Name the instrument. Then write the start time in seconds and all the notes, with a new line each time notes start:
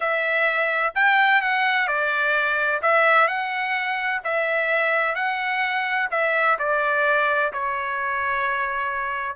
trumpet
0.00 E5
0.94 G5
1.41 F#5
1.87 D5
2.81 E5
3.27 F#5
4.23 E5
5.15 F#5
6.10 E5
6.58 D5
7.52 C#5